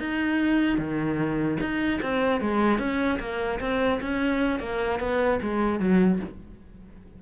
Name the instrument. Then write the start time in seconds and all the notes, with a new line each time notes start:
cello
0.00 D#4
0.78 D#3
1.61 D#4
2.03 C4
2.41 G#3
2.79 C#4
3.20 A#3
3.60 C4
4.01 C#4
4.60 A#3
5.00 B3
5.42 G#3
5.80 F#3